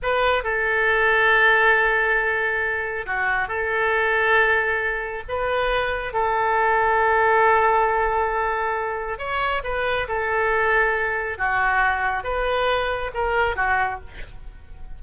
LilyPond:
\new Staff \with { instrumentName = "oboe" } { \time 4/4 \tempo 4 = 137 b'4 a'2.~ | a'2. fis'4 | a'1 | b'2 a'2~ |
a'1~ | a'4 cis''4 b'4 a'4~ | a'2 fis'2 | b'2 ais'4 fis'4 | }